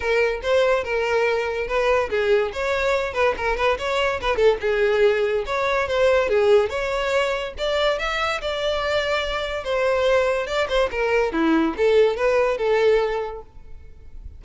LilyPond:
\new Staff \with { instrumentName = "violin" } { \time 4/4 \tempo 4 = 143 ais'4 c''4 ais'2 | b'4 gis'4 cis''4. b'8 | ais'8 b'8 cis''4 b'8 a'8 gis'4~ | gis'4 cis''4 c''4 gis'4 |
cis''2 d''4 e''4 | d''2. c''4~ | c''4 d''8 c''8 ais'4 e'4 | a'4 b'4 a'2 | }